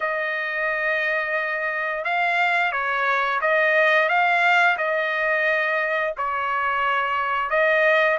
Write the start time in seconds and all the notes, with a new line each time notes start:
0.00 D#5
2.04 F5
2.71 C#5
3.41 D#5
4.08 F5
4.77 D#5
6.17 C#5
7.50 D#5